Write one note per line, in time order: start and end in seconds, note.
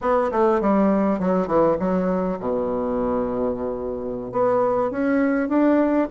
0.01 0.31 B3
0.31 0.60 A3
0.60 1.19 G3
1.19 1.47 F#3
1.47 1.77 E3
1.79 2.38 F#3
2.39 4.32 B2
4.32 4.90 B3
4.90 5.48 C#4
5.48 6.08 D4